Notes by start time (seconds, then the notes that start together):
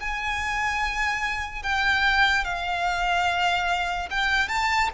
0.00 G#5
1.63 G5
2.44 F5
4.10 G5
4.48 A5